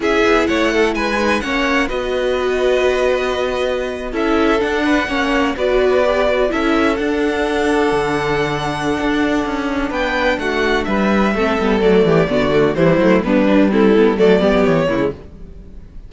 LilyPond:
<<
  \new Staff \with { instrumentName = "violin" } { \time 4/4 \tempo 4 = 127 e''4 fis''4 gis''4 fis''4 | dis''1~ | dis''8. e''4 fis''2 d''16~ | d''4.~ d''16 e''4 fis''4~ fis''16~ |
fis''1~ | fis''4 g''4 fis''4 e''4~ | e''4 d''2 c''4 | b'4 a'4 d''4 cis''4 | }
  \new Staff \with { instrumentName = "violin" } { \time 4/4 gis'4 cis''8 a'8 b'4 cis''4 | b'1~ | b'8. a'4. b'8 cis''4 b'16~ | b'4.~ b'16 a'2~ a'16~ |
a'1~ | a'4 b'4 fis'4 b'4 | a'4. g'8 fis'4 e'4 | d'4 e'4 a'8 g'4 e'8 | }
  \new Staff \with { instrumentName = "viola" } { \time 4/4 e'2~ e'8 dis'8 cis'4 | fis'1~ | fis'8. e'4 d'4 cis'4 fis'16~ | fis'8. g'8 fis'8 e'4 d'4~ d'16~ |
d'1~ | d'1 | c'8 b8 a4 b8 a8 g8 a8 | b8 d'8 c'8 b8 a8 b4 ais16 gis16 | }
  \new Staff \with { instrumentName = "cello" } { \time 4/4 cis'8 b8 a4 gis4 ais4 | b1~ | b8. cis'4 d'4 ais4 b16~ | b4.~ b16 cis'4 d'4~ d'16~ |
d'8. d2~ d16 d'4 | cis'4 b4 a4 g4 | a8 g8 fis8 e8 d4 e8 fis8 | g2 fis8 g16 fis16 e8 cis8 | }
>>